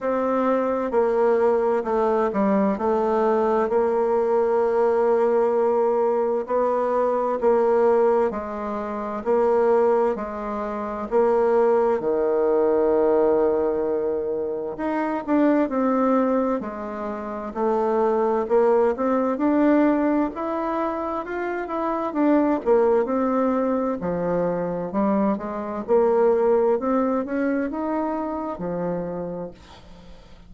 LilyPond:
\new Staff \with { instrumentName = "bassoon" } { \time 4/4 \tempo 4 = 65 c'4 ais4 a8 g8 a4 | ais2. b4 | ais4 gis4 ais4 gis4 | ais4 dis2. |
dis'8 d'8 c'4 gis4 a4 | ais8 c'8 d'4 e'4 f'8 e'8 | d'8 ais8 c'4 f4 g8 gis8 | ais4 c'8 cis'8 dis'4 f4 | }